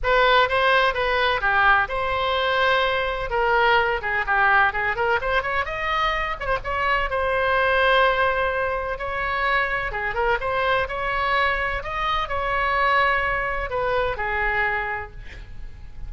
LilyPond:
\new Staff \with { instrumentName = "oboe" } { \time 4/4 \tempo 4 = 127 b'4 c''4 b'4 g'4 | c''2. ais'4~ | ais'8 gis'8 g'4 gis'8 ais'8 c''8 cis''8 | dis''4. cis''16 c''16 cis''4 c''4~ |
c''2. cis''4~ | cis''4 gis'8 ais'8 c''4 cis''4~ | cis''4 dis''4 cis''2~ | cis''4 b'4 gis'2 | }